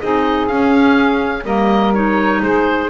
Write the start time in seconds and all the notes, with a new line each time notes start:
0.00 C4 D#4 G#4 D#5
0.47 C#4 F5
1.44 G3 A#3 A#4 D#5
1.94 D#4 C#5
2.42 G#3 G#4 C5